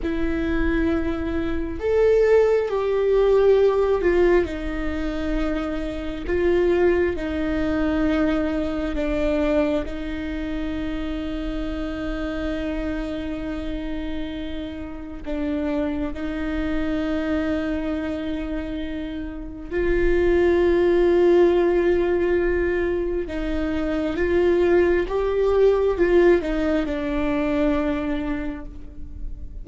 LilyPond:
\new Staff \with { instrumentName = "viola" } { \time 4/4 \tempo 4 = 67 e'2 a'4 g'4~ | g'8 f'8 dis'2 f'4 | dis'2 d'4 dis'4~ | dis'1~ |
dis'4 d'4 dis'2~ | dis'2 f'2~ | f'2 dis'4 f'4 | g'4 f'8 dis'8 d'2 | }